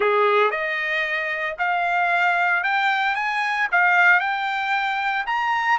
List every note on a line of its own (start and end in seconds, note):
0.00 0.50 G#4
0.50 1.56 D#5
1.58 2.63 F5
2.63 3.15 G5
3.15 3.67 G#5
3.71 4.20 F5
4.20 5.25 G5
5.26 5.78 A#5